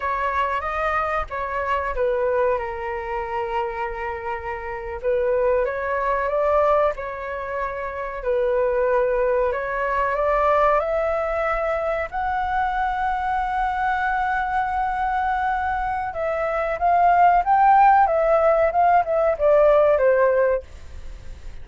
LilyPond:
\new Staff \with { instrumentName = "flute" } { \time 4/4 \tempo 4 = 93 cis''4 dis''4 cis''4 b'4 | ais'2.~ ais'8. b'16~ | b'8. cis''4 d''4 cis''4~ cis''16~ | cis''8. b'2 cis''4 d''16~ |
d''8. e''2 fis''4~ fis''16~ | fis''1~ | fis''4 e''4 f''4 g''4 | e''4 f''8 e''8 d''4 c''4 | }